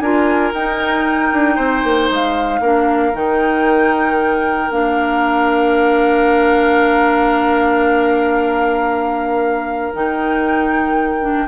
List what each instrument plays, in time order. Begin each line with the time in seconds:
0.00 bassoon D4, clarinet F4, oboe A#4, flute G#5
0.54 bassoon D#4, clarinet D#4, flute G5
1.33 bassoon D4
1.56 bassoon C4, oboe C5
1.84 bassoon A#3
2.11 bassoon G#3, flute F5
2.60 bassoon A#3, clarinet D4, oboe A#4
3.14 bassoon D#3, clarinet D#4, flute G5
4.71 bassoon A#3, clarinet D4, flute F5
9.94 bassoon D#3, clarinet D#4, flute G5
11.21 clarinet D4